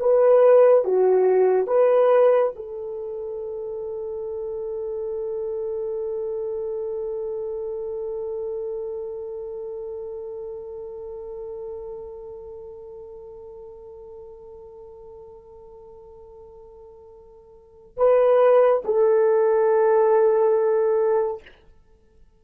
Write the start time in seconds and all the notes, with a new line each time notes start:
0.00 B4
0.85 F#4
1.67 B4
2.56 A4
17.97 B4
18.85 A4